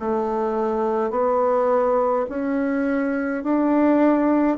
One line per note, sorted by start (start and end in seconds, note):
0.00 1.11 A3
1.11 2.26 B3
2.30 3.44 C#4
3.44 4.58 D4